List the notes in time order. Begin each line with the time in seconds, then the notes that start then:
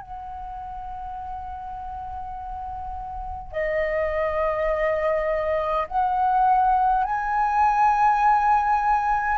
0.00 F#5
3.52 D#5
5.87 F#5
7.04 G#5